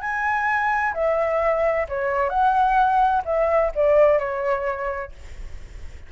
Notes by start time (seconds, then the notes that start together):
0.00 G#5
0.93 E5
1.88 C#5
2.29 F#5
3.25 E5
3.75 D5
4.19 C#5